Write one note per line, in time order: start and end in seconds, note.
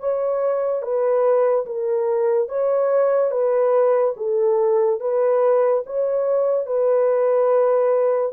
0.00 0.83 C#5
0.83 1.66 B4
1.66 2.49 A#4
2.49 3.31 C#5
3.31 4.14 B4
4.17 5.00 A4
5.00 5.84 B4
5.86 6.66 C#5
6.66 8.33 B4